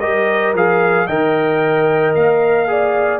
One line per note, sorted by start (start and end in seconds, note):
0.00 0.54 G3
0.00 0.55 G4
0.00 1.07 A#4
0.00 0.54 D#5
0.54 1.08 F3
0.54 1.10 G#4
0.54 1.07 F5
1.07 2.15 D#3
1.07 2.68 A#4
1.07 2.68 D#5
1.07 2.14 G5
2.15 3.20 A#3
2.15 3.20 F5
2.68 3.20 G#4
2.68 3.20 D5